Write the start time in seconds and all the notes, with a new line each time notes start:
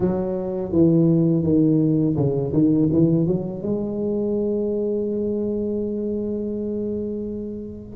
0.00 F#3
0.72 E3
1.43 D#3
2.16 C#3
2.53 D#3
2.91 E3
3.27 F#3
3.62 G#3